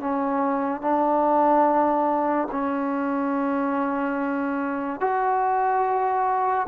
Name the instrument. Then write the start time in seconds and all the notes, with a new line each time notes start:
trombone
0.00 C#4
0.81 D4
2.52 C#4
5.00 F#4